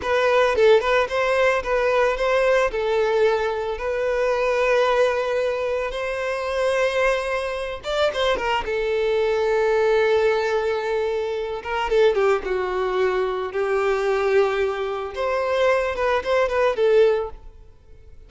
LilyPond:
\new Staff \with { instrumentName = "violin" } { \time 4/4 \tempo 4 = 111 b'4 a'8 b'8 c''4 b'4 | c''4 a'2 b'4~ | b'2. c''4~ | c''2~ c''8 d''8 c''8 ais'8 |
a'1~ | a'4. ais'8 a'8 g'8 fis'4~ | fis'4 g'2. | c''4. b'8 c''8 b'8 a'4 | }